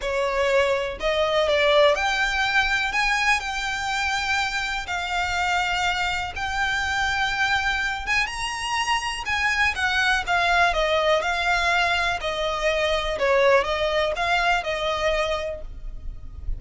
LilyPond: \new Staff \with { instrumentName = "violin" } { \time 4/4 \tempo 4 = 123 cis''2 dis''4 d''4 | g''2 gis''4 g''4~ | g''2 f''2~ | f''4 g''2.~ |
g''8 gis''8 ais''2 gis''4 | fis''4 f''4 dis''4 f''4~ | f''4 dis''2 cis''4 | dis''4 f''4 dis''2 | }